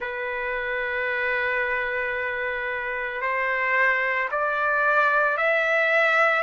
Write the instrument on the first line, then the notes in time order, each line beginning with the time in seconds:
trumpet
0.00 B4
3.21 C5
4.31 D5
5.37 E5